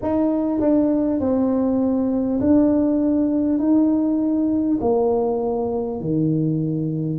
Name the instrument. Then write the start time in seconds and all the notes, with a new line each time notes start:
tuba
0.02 D#4
0.60 D4
1.20 C4
2.40 D4
3.58 D#4
4.80 A#3
6.00 D#3